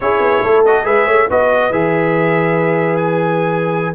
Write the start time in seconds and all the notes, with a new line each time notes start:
0.00 C#4 E4 G#4 C#5
0.19 B3
0.42 A3 A4
0.65 F#4 D#5
0.83 G#3 G#4 B4 E5
1.06 A3 C#5
1.29 B3 F#4 B4 D#5
1.70 E3 G#4 E5
2.97 G#5